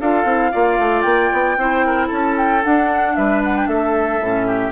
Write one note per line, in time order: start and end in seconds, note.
0.00 0.24 D4
0.00 0.26 F4
0.00 0.51 A4
0.00 1.01 F5
0.24 0.51 C4
0.24 0.52 E4
0.51 0.79 A#3
0.51 1.57 F4
0.51 1.56 D5
0.79 1.04 A3
1.01 1.31 A#3
1.01 2.07 G5
1.33 1.57 B3
1.57 2.09 C4
1.57 2.62 E4
1.57 1.86 C5
1.86 2.07 A#4
2.07 2.64 C#4
2.07 3.12 A4
2.07 2.36 A5
2.37 2.63 G5
2.62 4.20 D4
2.62 3.17 D4
2.62 3.15 F#5
3.15 3.67 G3
3.15 3.68 B4
3.15 3.41 E5
3.44 3.57 F#5
3.57 3.67 G5
3.67 4.20 A3
3.67 4.47 A4
3.67 4.71 E5
4.21 4.71 A2
4.21 4.71 C#4
4.47 4.71 G4